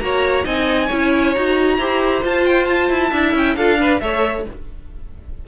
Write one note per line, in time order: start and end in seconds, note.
0.00 0.45 A#3
0.00 0.44 F#4
0.00 0.45 C#5
0.00 0.44 A#5
0.44 0.90 C4
0.44 0.89 D#4
0.44 0.87 D#5
0.44 1.34 G#5
0.87 1.36 C#4
0.87 1.35 E4
0.87 1.76 C#5
1.34 1.79 D#4
1.34 1.80 F#4
1.34 2.23 A#5
1.78 2.23 E4
1.78 2.23 G4
1.78 3.10 C5
2.23 3.12 F4
2.23 2.90 F4
2.23 2.46 A5
2.46 2.65 G5
2.65 3.32 A5
2.90 3.12 E4
3.10 3.34 D4
3.10 3.57 E4
3.10 3.55 E5
3.34 3.56 C#4
3.34 3.56 G5
3.56 4.01 D4
3.56 3.79 F4
3.56 3.80 A4
3.56 4.00 F5
3.79 4.01 D4
3.79 4.02 B4
4.00 4.46 A3
4.00 4.46 A4
4.00 4.48 C#5
4.00 4.45 E5